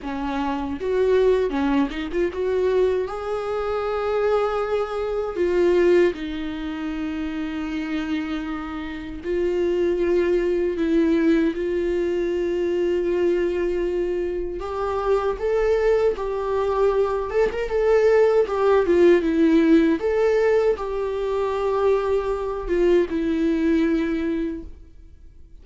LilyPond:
\new Staff \with { instrumentName = "viola" } { \time 4/4 \tempo 4 = 78 cis'4 fis'4 cis'8 dis'16 f'16 fis'4 | gis'2. f'4 | dis'1 | f'2 e'4 f'4~ |
f'2. g'4 | a'4 g'4. a'16 ais'16 a'4 | g'8 f'8 e'4 a'4 g'4~ | g'4. f'8 e'2 | }